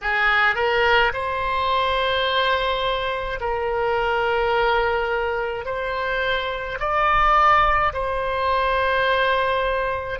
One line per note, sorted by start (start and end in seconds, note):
0.01 0.55 G#4
0.55 1.12 A#4
1.13 3.40 C5
3.40 5.64 A#4
5.64 6.78 C5
6.79 7.92 D5
7.93 10.19 C5